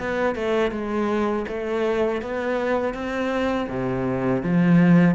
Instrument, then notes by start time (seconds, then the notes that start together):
cello
0.00 B3
0.35 A3
0.71 G#3
1.48 A3
2.22 B3
2.94 C4
3.69 C3
4.43 F3